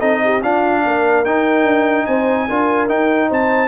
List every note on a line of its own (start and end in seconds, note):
0.00 0.43 C4
0.00 0.41 D#4
0.00 0.21 A4
0.00 0.42 D#5
0.24 0.43 G4
0.43 0.85 D4
0.43 1.26 D4
0.43 0.84 F4
0.43 1.25 F5
0.85 1.25 A#3
0.85 2.07 A#4
1.25 1.64 D#4
1.25 2.49 D#4
1.25 2.06 G5
1.64 2.05 D4
2.06 2.49 C4
2.06 2.48 C5
2.06 2.89 G#5
2.49 2.89 D4
2.49 2.88 F4
2.49 3.29 A#4
2.88 3.69 D#4
2.88 3.30 D#4
2.88 3.30 G5
3.29 3.69 C4
3.29 3.69 C5
3.29 3.69 A5